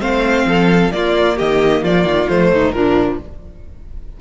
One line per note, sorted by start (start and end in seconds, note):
0.00 0.45 A3
0.00 0.91 C4
0.00 0.46 C5
0.00 0.91 F5
0.45 0.91 F3
0.45 0.94 A4
0.92 2.29 A#3
0.92 1.39 A#3
0.92 1.36 F4
0.92 1.37 D5
1.36 1.84 D#3
1.36 1.81 G4
1.36 1.84 D#5
1.82 2.04 F3
1.82 2.51 F4
1.82 2.28 D5
2.04 2.27 D#3
2.28 2.52 F3
2.28 2.74 A3
2.28 2.72 C5
2.52 2.74 D#2
2.52 2.75 D#4
2.72 3.19 A#2
2.72 3.20 F3
2.72 3.21 D4
2.72 3.17 A#4